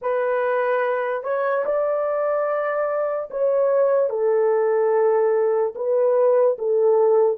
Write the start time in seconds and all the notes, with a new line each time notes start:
0.01 B4
1.23 C#5
1.65 D5
3.30 C#5
4.09 A4
5.75 B4
6.58 A4